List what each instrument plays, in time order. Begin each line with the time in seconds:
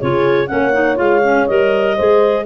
0.00 tuba C#3, clarinet F4 C#5, horn G#4
0.47 tuba A#3, clarinet C#4 F#5, horn C#5
0.73 clarinet D#4
0.96 tuba G#3, clarinet F4 F5
1.23 clarinet C#4
1.47 tuba G3, clarinet A#4 D#5
1.96 tuba G#3, clarinet G#4, horn C5